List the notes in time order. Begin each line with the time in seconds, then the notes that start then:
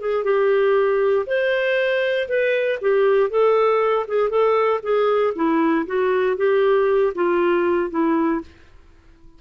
0.00 G#4
0.24 G4
1.26 C5
2.28 B4
2.81 G4
3.30 A4
4.07 G#4
4.29 A4
4.82 G#4
5.35 E4
5.86 F#4
6.37 G4
7.14 F4
7.90 E4